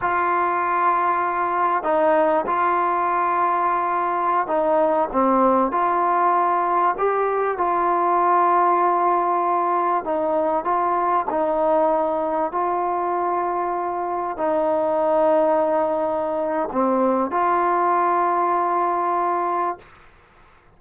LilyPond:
\new Staff \with { instrumentName = "trombone" } { \time 4/4 \tempo 4 = 97 f'2. dis'4 | f'2.~ f'16 dis'8.~ | dis'16 c'4 f'2 g'8.~ | g'16 f'2.~ f'8.~ |
f'16 dis'4 f'4 dis'4.~ dis'16~ | dis'16 f'2. dis'8.~ | dis'2. c'4 | f'1 | }